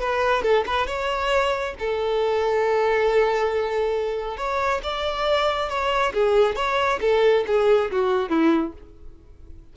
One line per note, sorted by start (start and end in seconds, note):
0.00 0.42 B4
0.42 0.64 A4
0.66 0.86 B4
0.86 1.74 C#5
1.79 4.37 A4
4.37 4.81 C#5
4.83 5.69 D5
5.69 6.13 C#5
6.13 6.55 G#4
6.55 6.99 C#5
7.01 7.44 A4
7.47 7.90 G#4
7.91 8.29 F#4
8.29 8.73 E4